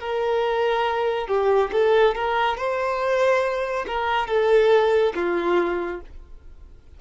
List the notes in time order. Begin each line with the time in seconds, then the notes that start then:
0.00 A#4
1.28 G4
1.72 A4
2.15 A#4
2.57 C5
3.87 A#4
4.27 A4
5.15 F4